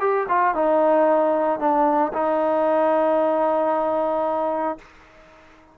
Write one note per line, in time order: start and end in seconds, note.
0.00 0.27 G4
0.29 0.55 F4
0.55 1.59 D#4
1.59 2.12 D4
2.13 4.79 D#4